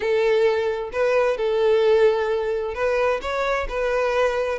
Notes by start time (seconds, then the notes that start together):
0.00 A4
0.92 B4
1.37 A4
2.74 B4
3.21 C#5
3.68 B4